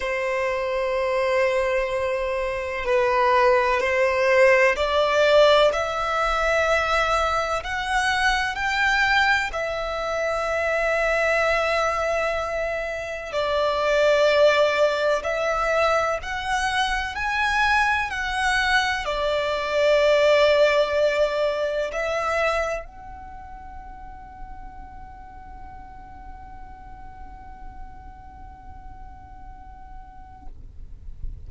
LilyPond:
\new Staff \with { instrumentName = "violin" } { \time 4/4 \tempo 4 = 63 c''2. b'4 | c''4 d''4 e''2 | fis''4 g''4 e''2~ | e''2 d''2 |
e''4 fis''4 gis''4 fis''4 | d''2. e''4 | fis''1~ | fis''1 | }